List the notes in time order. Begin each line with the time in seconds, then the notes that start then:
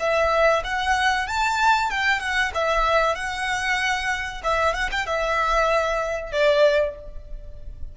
0.00 E5
0.65 F#5
1.28 A5
1.91 G5
2.20 F#5
2.55 E5
3.16 F#5
4.44 E5
4.75 F#5
4.92 G5
5.07 E5
6.33 D5